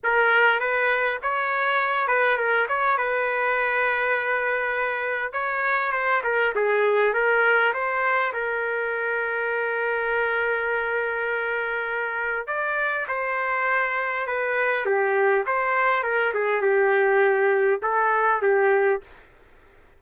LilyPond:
\new Staff \with { instrumentName = "trumpet" } { \time 4/4 \tempo 4 = 101 ais'4 b'4 cis''4. b'8 | ais'8 cis''8 b'2.~ | b'4 cis''4 c''8 ais'8 gis'4 | ais'4 c''4 ais'2~ |
ais'1~ | ais'4 d''4 c''2 | b'4 g'4 c''4 ais'8 gis'8 | g'2 a'4 g'4 | }